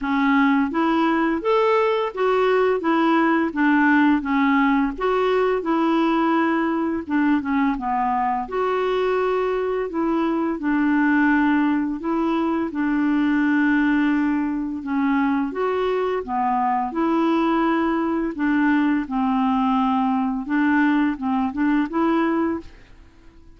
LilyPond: \new Staff \with { instrumentName = "clarinet" } { \time 4/4 \tempo 4 = 85 cis'4 e'4 a'4 fis'4 | e'4 d'4 cis'4 fis'4 | e'2 d'8 cis'8 b4 | fis'2 e'4 d'4~ |
d'4 e'4 d'2~ | d'4 cis'4 fis'4 b4 | e'2 d'4 c'4~ | c'4 d'4 c'8 d'8 e'4 | }